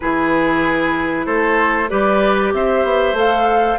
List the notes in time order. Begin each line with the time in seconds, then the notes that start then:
0.00 E3 E4 G#4 B4
1.26 A3 A4 C5
1.89 G3 G4 B4 D5
2.53 C4 C5 E5
2.84 B3
3.12 A3 A4 F5